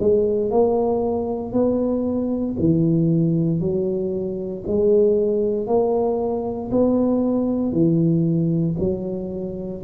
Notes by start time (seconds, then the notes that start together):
0.00 G#3
0.51 A#3
1.53 B3
2.60 E3
3.60 F#3
4.67 G#3
5.67 A#3
6.71 B3
7.72 E3
8.79 F#3